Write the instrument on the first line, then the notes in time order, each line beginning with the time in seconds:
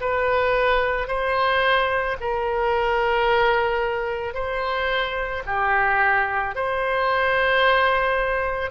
oboe
0.00 B4
1.08 C5
2.21 A#4
4.34 C5
5.46 G4
6.55 C5